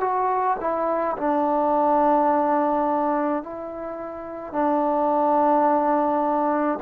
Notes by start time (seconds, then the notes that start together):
0.00 F#4
0.60 E4
1.17 D4
3.43 E4
4.52 D4